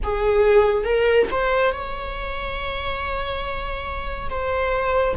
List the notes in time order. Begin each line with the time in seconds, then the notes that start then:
0.03 G#4
0.84 A#4
1.31 C5
1.71 C#5
4.29 C5